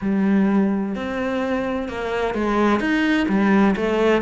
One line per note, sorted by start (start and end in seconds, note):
0.01 0.95 G3
0.95 1.88 C4
1.88 2.34 A#3
2.34 2.80 G#3
2.80 3.26 D#4
3.28 3.75 G3
3.75 4.21 A3